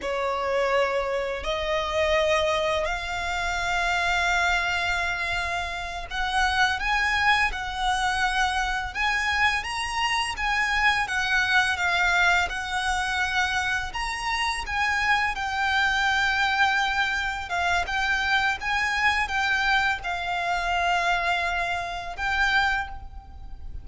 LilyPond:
\new Staff \with { instrumentName = "violin" } { \time 4/4 \tempo 4 = 84 cis''2 dis''2 | f''1~ | f''8 fis''4 gis''4 fis''4.~ | fis''8 gis''4 ais''4 gis''4 fis''8~ |
fis''8 f''4 fis''2 ais''8~ | ais''8 gis''4 g''2~ g''8~ | g''8 f''8 g''4 gis''4 g''4 | f''2. g''4 | }